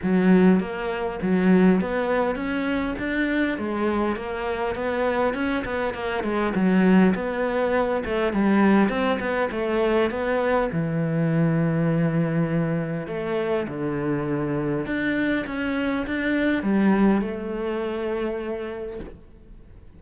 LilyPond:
\new Staff \with { instrumentName = "cello" } { \time 4/4 \tempo 4 = 101 fis4 ais4 fis4 b4 | cis'4 d'4 gis4 ais4 | b4 cis'8 b8 ais8 gis8 fis4 | b4. a8 g4 c'8 b8 |
a4 b4 e2~ | e2 a4 d4~ | d4 d'4 cis'4 d'4 | g4 a2. | }